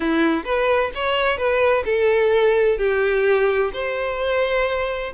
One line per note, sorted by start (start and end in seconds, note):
0.00 0.43 E4
0.44 0.91 B4
0.95 1.37 C#5
1.37 1.84 B4
1.85 2.78 A4
2.78 3.71 G4
3.73 5.12 C5